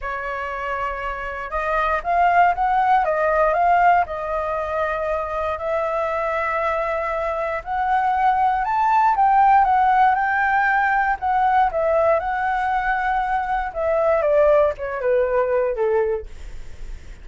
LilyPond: \new Staff \with { instrumentName = "flute" } { \time 4/4 \tempo 4 = 118 cis''2. dis''4 | f''4 fis''4 dis''4 f''4 | dis''2. e''4~ | e''2. fis''4~ |
fis''4 a''4 g''4 fis''4 | g''2 fis''4 e''4 | fis''2. e''4 | d''4 cis''8 b'4. a'4 | }